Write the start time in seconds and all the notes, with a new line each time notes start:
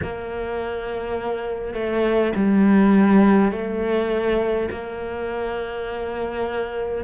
0.02 A#3
1.74 A3
2.35 G3
3.51 A3
4.71 A#3